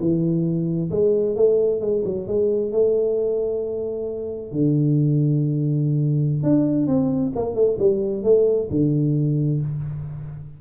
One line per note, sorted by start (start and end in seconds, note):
0.00 0.90 E3
0.91 1.36 G#3
1.36 1.80 A3
1.80 2.03 G#3
2.05 2.27 F#3
2.27 2.72 G#3
2.72 4.52 A3
4.52 6.43 D3
6.43 6.87 D4
6.87 7.32 C4
7.35 7.55 A#3
7.55 7.78 A3
7.79 8.23 G3
8.23 8.68 A3
8.70 9.60 D3